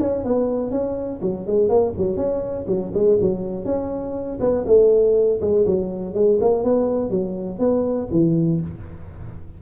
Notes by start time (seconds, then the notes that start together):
0.00 C#4
0.24 B3
0.71 C#4
1.22 F#3
1.47 G#3
1.69 A#3
1.98 F#3
2.17 C#4
2.68 F#3
2.94 G#3
3.21 F#3
3.65 C#4
4.40 B3
4.67 A3
5.41 G#3
5.66 F#3
6.14 G#3
6.40 A#3
6.64 B3
7.10 F#3
7.59 B3
8.11 E3